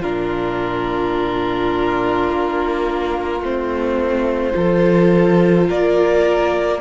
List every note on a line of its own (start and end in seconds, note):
0.00 2.29 A#2
0.00 3.41 D4
0.00 4.53 F4
0.00 3.42 A#4
2.29 3.40 A#3
3.40 4.53 A3
3.40 4.53 C4
3.40 5.70 C5
4.53 5.68 F3
4.53 6.79 F4
4.53 5.68 A4
5.68 6.81 A#3
5.68 6.81 A#4
5.68 6.81 D5